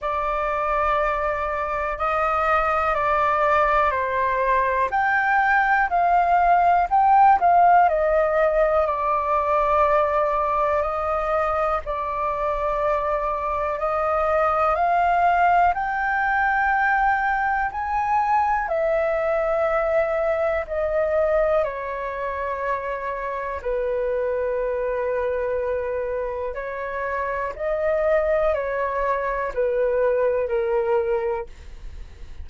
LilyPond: \new Staff \with { instrumentName = "flute" } { \time 4/4 \tempo 4 = 61 d''2 dis''4 d''4 | c''4 g''4 f''4 g''8 f''8 | dis''4 d''2 dis''4 | d''2 dis''4 f''4 |
g''2 gis''4 e''4~ | e''4 dis''4 cis''2 | b'2. cis''4 | dis''4 cis''4 b'4 ais'4 | }